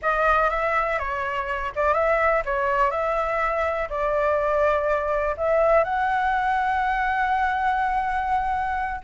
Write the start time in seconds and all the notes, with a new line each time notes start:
0.01 D#5
0.50 E5
0.99 C#5
1.75 D5
1.94 E5
2.45 C#5
2.90 E5
3.89 D5
5.37 E5
5.83 F#5